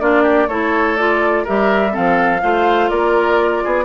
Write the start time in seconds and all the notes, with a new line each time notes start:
0.00 A#3 D4 F4 D5
0.23 G4
0.48 A3 E4 A4 C#5
0.96 F4 D5
1.44 G3 G4 A#4 E5
1.91 C4 A4 F5
1.97 F3
2.43 A3 F4 C5
2.89 A#3 A#4 D5
3.64 B3 G#4